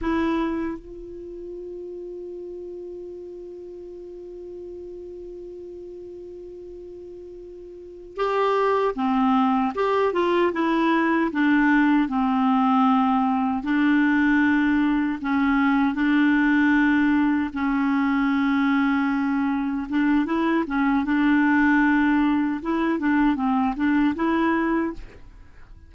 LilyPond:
\new Staff \with { instrumentName = "clarinet" } { \time 4/4 \tempo 4 = 77 e'4 f'2.~ | f'1~ | f'2~ f'8 g'4 c'8~ | c'8 g'8 f'8 e'4 d'4 c'8~ |
c'4. d'2 cis'8~ | cis'8 d'2 cis'4.~ | cis'4. d'8 e'8 cis'8 d'4~ | d'4 e'8 d'8 c'8 d'8 e'4 | }